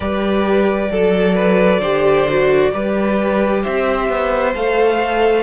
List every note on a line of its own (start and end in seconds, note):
0.00 0.90 G3
0.00 0.92 G4
0.00 0.91 B4
0.00 3.62 D5
0.91 1.80 F#3
0.91 1.35 A4
0.91 1.82 A4
1.35 1.79 B4
1.79 2.71 D3
1.79 2.27 G4
1.79 2.70 C5
2.28 2.71 F#4
2.71 3.65 G3
2.71 4.53 G4
2.71 3.62 B4
3.62 4.09 C4
3.62 5.43 C5
3.62 4.54 E5
4.09 4.54 B3
4.55 5.43 A3
4.55 5.43 A4
4.55 5.43 F5